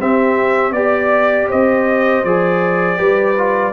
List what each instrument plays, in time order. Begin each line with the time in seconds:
0.00 tuba C4, trombone C4, horn G4, trumpet E5
0.72 tuba B3, trombone G4, trumpet D5, horn D5
1.49 tuba C4, horn C5, trumpet D#5
2.24 tuba F3, trombone G#4, trumpet D5
2.97 tuba G3, trombone G4, horn B4
3.38 trombone F4